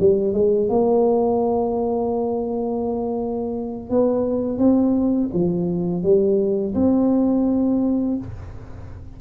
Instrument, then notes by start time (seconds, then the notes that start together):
tuba
0.00 G3
0.34 G#3
0.69 A#3
3.90 B3
4.59 C4
5.34 F3
6.03 G3
6.75 C4